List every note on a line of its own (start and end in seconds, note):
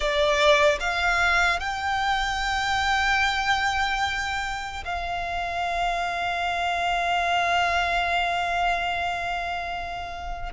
0.00 0.79 D5
0.80 1.59 F5
1.59 4.84 G5
4.84 10.52 F5